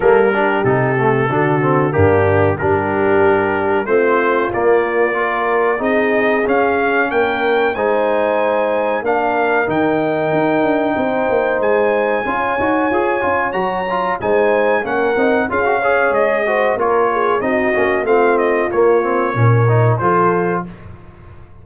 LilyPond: <<
  \new Staff \with { instrumentName = "trumpet" } { \time 4/4 \tempo 4 = 93 ais'4 a'2 g'4 | ais'2 c''4 d''4~ | d''4 dis''4 f''4 g''4 | gis''2 f''4 g''4~ |
g''2 gis''2~ | gis''4 ais''4 gis''4 fis''4 | f''4 dis''4 cis''4 dis''4 | f''8 dis''8 cis''2 c''4 | }
  \new Staff \with { instrumentName = "horn" } { \time 4/4 a'8 g'4. fis'4 d'4 | g'2 f'2 | ais'4 gis'2 ais'4 | c''2 ais'2~ |
ais'4 c''2 cis''4~ | cis''2 c''4 ais'4 | gis'8 cis''4 c''8 ais'8 gis'8 fis'4 | f'2 ais'4 a'4 | }
  \new Staff \with { instrumentName = "trombone" } { \time 4/4 ais8 d'8 dis'8 a8 d'8 c'8 ais4 | d'2 c'4 ais4 | f'4 dis'4 cis'2 | dis'2 d'4 dis'4~ |
dis'2. f'8 fis'8 | gis'8 f'8 fis'8 f'8 dis'4 cis'8 dis'8 | f'16 fis'16 gis'4 fis'8 f'4 dis'8 cis'8 | c'4 ais8 c'8 cis'8 dis'8 f'4 | }
  \new Staff \with { instrumentName = "tuba" } { \time 4/4 g4 c4 d4 g,4 | g2 a4 ais4~ | ais4 c'4 cis'4 ais4 | gis2 ais4 dis4 |
dis'8 d'8 c'8 ais8 gis4 cis'8 dis'8 | f'8 cis'8 fis4 gis4 ais8 c'8 | cis'4 gis4 ais4 c'8 ais8 | a4 ais4 ais,4 f4 | }
>>